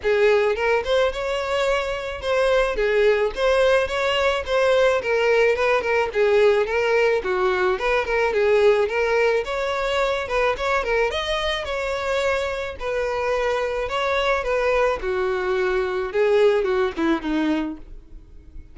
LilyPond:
\new Staff \with { instrumentName = "violin" } { \time 4/4 \tempo 4 = 108 gis'4 ais'8 c''8 cis''2 | c''4 gis'4 c''4 cis''4 | c''4 ais'4 b'8 ais'8 gis'4 | ais'4 fis'4 b'8 ais'8 gis'4 |
ais'4 cis''4. b'8 cis''8 ais'8 | dis''4 cis''2 b'4~ | b'4 cis''4 b'4 fis'4~ | fis'4 gis'4 fis'8 e'8 dis'4 | }